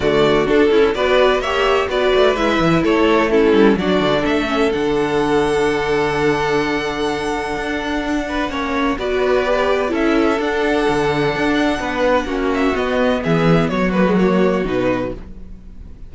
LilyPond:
<<
  \new Staff \with { instrumentName = "violin" } { \time 4/4 \tempo 4 = 127 d''4 a'4 d''4 e''4 | d''4 e''4 cis''4 a'4 | d''4 e''4 fis''2~ | fis''1~ |
fis''2. d''4~ | d''4 e''4 fis''2~ | fis''2~ fis''8 e''8 dis''4 | e''4 cis''8 b'8 cis''4 b'4 | }
  \new Staff \with { instrumentName = "violin" } { \time 4/4 fis'4. e'8 b'4 cis''4 | b'2 a'4 e'4 | fis'4 a'2.~ | a'1~ |
a'4. b'8 cis''4 b'4~ | b'4 a'2.~ | a'4 b'4 fis'2 | gis'4 fis'2. | }
  \new Staff \with { instrumentName = "viola" } { \time 4/4 a4 d'8 e'8 fis'4 g'4 | fis'4 e'2 cis'4 | d'4. cis'8 d'2~ | d'1~ |
d'2 cis'4 fis'4 | g'4 e'4 d'2~ | d'2 cis'4 b4~ | b4. ais16 gis16 ais4 dis'4 | }
  \new Staff \with { instrumentName = "cello" } { \time 4/4 d4 d'8 cis'8 b4 ais4 | b8 a8 gis8 e8 a4. g8 | fis8 d8 a4 d2~ | d1 |
d'2 ais4 b4~ | b4 cis'4 d'4 d4 | d'4 b4 ais4 b4 | e4 fis2 b,4 | }
>>